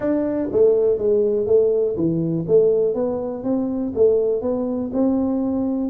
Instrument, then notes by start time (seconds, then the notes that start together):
tuba
0.00 D4
0.52 A3
0.98 G#3
1.46 A3
1.96 E3
2.47 A3
2.94 B3
3.43 C4
3.95 A3
4.41 B3
4.93 C4